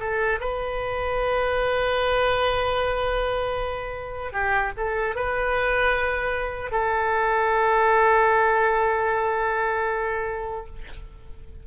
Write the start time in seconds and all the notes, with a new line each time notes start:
0.00 A4
0.40 B4
4.32 G4
4.77 A4
5.15 B4
6.71 A4